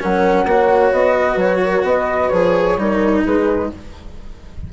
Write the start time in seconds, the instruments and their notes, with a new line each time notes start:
0.00 bassoon F#3, cello C#4, horn A#4, flute F#5
0.45 bassoon A#3, cello F#4, horn C#5
0.92 bassoon B3, flute D#5
1.16 horn B4
1.36 bassoon F#3, flute C#5
1.63 horn A#4
1.83 bassoon B3, horn B4, flute D#5
2.28 bassoon F3, cello G#4, flute C#5
2.77 bassoon G3, cello D#4, horn A#4
3.25 bassoon G#3, horn G#4, flute B4